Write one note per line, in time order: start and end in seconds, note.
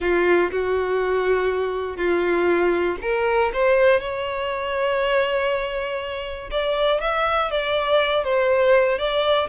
0.00 0.50 F4
0.51 1.96 F#4
1.96 2.96 F4
3.01 3.51 A#4
3.53 4.00 C5
4.00 6.50 C#5
6.50 7.00 D5
7.00 7.50 E5
7.50 8.24 D5
8.24 8.98 C5
8.98 9.48 D5